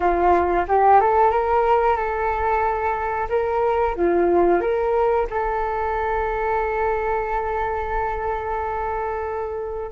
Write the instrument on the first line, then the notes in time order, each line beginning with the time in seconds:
flute
0.00 F4
0.67 G4
1.00 A4
1.30 A#4
1.96 A4
3.29 A#4
3.95 F4
4.60 A#4
5.30 A4